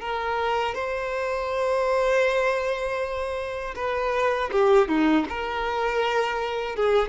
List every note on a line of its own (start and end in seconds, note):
0.00 0.75 A#4
0.75 3.75 C5
3.75 4.50 B4
4.52 4.88 G4
4.88 5.26 D#4
5.29 6.76 A#4
6.76 7.09 G#4